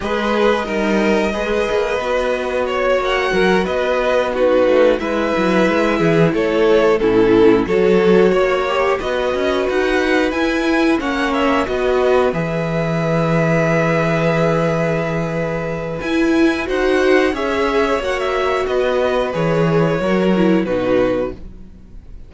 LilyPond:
<<
  \new Staff \with { instrumentName = "violin" } { \time 4/4 \tempo 4 = 90 dis''1 | cis''8 fis''4 dis''4 b'4 e''8~ | e''4. cis''4 a'4 cis''8~ | cis''4. dis''4 fis''4 gis''8~ |
gis''8 fis''8 e''8 dis''4 e''4.~ | e''1 | gis''4 fis''4 e''4 fis''16 e''8. | dis''4 cis''2 b'4 | }
  \new Staff \with { instrumentName = "violin" } { \time 4/4 b'4 ais'4 b'2 | cis''4 ais'8 b'4 fis'4 b'8~ | b'4 gis'8 a'4 e'4 a'8~ | a'8 cis''4 b'2~ b'8~ |
b'8 cis''4 b'2~ b'8~ | b'1~ | b'4 c''4 cis''2 | b'2 ais'4 fis'4 | }
  \new Staff \with { instrumentName = "viola" } { \time 4/4 gis'4 dis'4 gis'4 fis'4~ | fis'2~ fis'8 dis'4 e'8~ | e'2~ e'8 cis'4 fis'8~ | fis'4 g'8 fis'2 e'8~ |
e'8 cis'4 fis'4 gis'4.~ | gis'1 | e'4 fis'4 gis'4 fis'4~ | fis'4 gis'4 fis'8 e'8 dis'4 | }
  \new Staff \with { instrumentName = "cello" } { \time 4/4 gis4 g4 gis8 ais8 b4~ | b8 ais8 fis8 b4. a8 gis8 | fis8 gis8 e8 a4 a,4 fis8~ | fis8 ais4 b8 cis'8 dis'4 e'8~ |
e'8 ais4 b4 e4.~ | e1 | e'4 dis'4 cis'4 ais4 | b4 e4 fis4 b,4 | }
>>